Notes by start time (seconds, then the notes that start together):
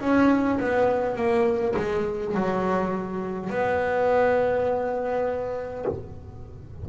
0.00 C#4
0.59 B3
1.16 A#3
1.76 G#3
2.34 F#3
3.50 B3